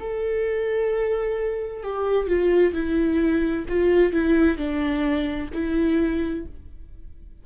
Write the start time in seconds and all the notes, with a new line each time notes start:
0.00 A4
1.83 G4
2.27 F4
2.73 E4
3.69 F4
4.12 E4
4.57 D4
5.53 E4